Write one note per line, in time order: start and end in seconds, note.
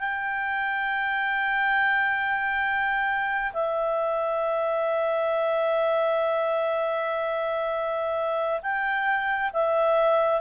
0.00 3.53 G5
3.53 8.61 E5
8.62 9.51 G5
9.53 10.41 E5